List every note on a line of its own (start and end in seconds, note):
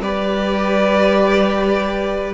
0.00 2.34 G3
0.00 2.34 G4
0.00 2.34 B4
0.00 2.34 D5